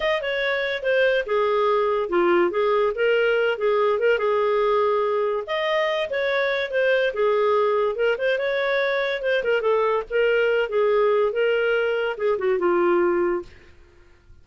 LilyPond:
\new Staff \with { instrumentName = "clarinet" } { \time 4/4 \tempo 4 = 143 dis''8 cis''4. c''4 gis'4~ | gis'4 f'4 gis'4 ais'4~ | ais'8 gis'4 ais'8 gis'2~ | gis'4 dis''4. cis''4. |
c''4 gis'2 ais'8 c''8 | cis''2 c''8 ais'8 a'4 | ais'4. gis'4. ais'4~ | ais'4 gis'8 fis'8 f'2 | }